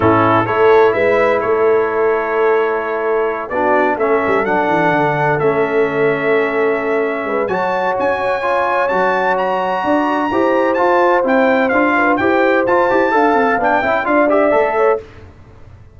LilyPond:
<<
  \new Staff \with { instrumentName = "trumpet" } { \time 4/4 \tempo 4 = 128 a'4 cis''4 e''4 cis''4~ | cis''2.~ cis''8 d''8~ | d''8 e''4 fis''2 e''8~ | e''1 |
a''4 gis''2 a''4 | ais''2. a''4 | g''4 f''4 g''4 a''4~ | a''4 g''4 f''8 e''4. | }
  \new Staff \with { instrumentName = "horn" } { \time 4/4 e'4 a'4 b'4 a'4~ | a'2.~ a'8 fis'8~ | fis'8 a'2.~ a'8~ | a'2.~ a'8 b'8 |
cis''1~ | cis''4 d''4 c''2~ | c''4. b'8 c''2 | f''4. e''8 d''4. cis''8 | }
  \new Staff \with { instrumentName = "trombone" } { \time 4/4 cis'4 e'2.~ | e'2.~ e'8 d'8~ | d'8 cis'4 d'2 cis'8~ | cis'1 |
fis'2 f'4 fis'4~ | fis'2 g'4 f'4 | e'4 f'4 g'4 f'8 g'8 | a'4 d'8 e'8 f'8 g'8 a'4 | }
  \new Staff \with { instrumentName = "tuba" } { \time 4/4 a,4 a4 gis4 a4~ | a2.~ a8 b8~ | b8 a8 g8 fis8 e8 d4 a8~ | a2.~ a8 gis8 |
fis4 cis'2 fis4~ | fis4 d'4 e'4 f'4 | c'4 d'4 e'4 f'8 e'8 | d'8 c'8 b8 cis'8 d'4 a4 | }
>>